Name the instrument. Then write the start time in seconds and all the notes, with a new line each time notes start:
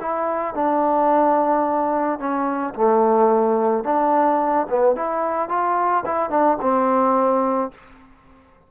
trombone
0.00 E4
0.54 D4
2.19 C#4
2.75 A3
3.84 D4
4.69 B3
4.95 E4
5.48 F4
6.05 E4
6.30 D4
6.61 C4